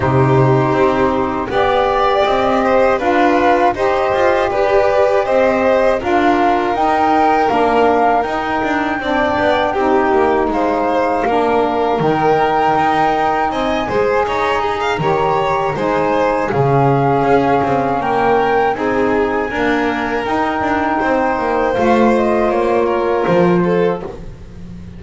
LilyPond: <<
  \new Staff \with { instrumentName = "flute" } { \time 4/4 \tempo 4 = 80 c''2 d''4 dis''4 | f''4 dis''4 d''4 dis''4 | f''4 g''4 f''4 g''4~ | g''2 f''2 |
g''2 gis''4 ais''4~ | ais''4 gis''4 f''2 | g''4 gis''2 g''4~ | g''4 f''8 dis''8 cis''4 c''4 | }
  \new Staff \with { instrumentName = "violin" } { \time 4/4 g'2 d''4. c''8 | b'4 c''4 b'4 c''4 | ais'1 | d''4 g'4 c''4 ais'4~ |
ais'2 dis''8 c''8 cis''8 gis'16 f''16 | cis''4 c''4 gis'2 | ais'4 gis'4 ais'2 | c''2~ c''8 ais'4 a'8 | }
  \new Staff \with { instrumentName = "saxophone" } { \time 4/4 dis'2 g'2 | f'4 g'2. | f'4 dis'4 d'4 dis'4 | d'4 dis'2 d'4 |
dis'2~ dis'8 gis'4. | g'4 dis'4 cis'2~ | cis'4 dis'4 ais4 dis'4~ | dis'4 f'2. | }
  \new Staff \with { instrumentName = "double bass" } { \time 4/4 c4 c'4 b4 c'4 | d'4 dis'8 f'8 g'4 c'4 | d'4 dis'4 ais4 dis'8 d'8 | c'8 b8 c'8 ais8 gis4 ais4 |
dis4 dis'4 c'8 gis8 dis'4 | dis4 gis4 cis4 cis'8 c'8 | ais4 c'4 d'4 dis'8 d'8 | c'8 ais8 a4 ais4 f4 | }
>>